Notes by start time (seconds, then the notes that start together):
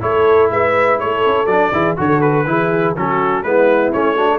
0.00 A3 E4 A4 C#5
0.50 G#3 B4 E5
0.99 A3 A4 C#5
1.26 C#4
1.46 F#3 D4 D5
1.72 E3 E4 G#4
1.97 D3 F#4 A4 C#5
2.21 B4
2.46 E3 E4 G#4
2.96 F#3 C#4 F#4 A4
3.43 G#3 B3 E4 B4
3.93 A3 C#4 C#5
4.16 D4 F#4
4.30 A4